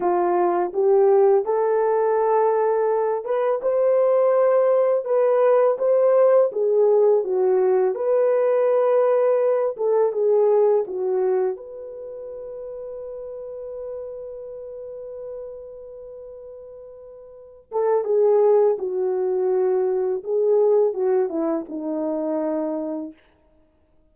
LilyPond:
\new Staff \with { instrumentName = "horn" } { \time 4/4 \tempo 4 = 83 f'4 g'4 a'2~ | a'8 b'8 c''2 b'4 | c''4 gis'4 fis'4 b'4~ | b'4. a'8 gis'4 fis'4 |
b'1~ | b'1~ | b'8 a'8 gis'4 fis'2 | gis'4 fis'8 e'8 dis'2 | }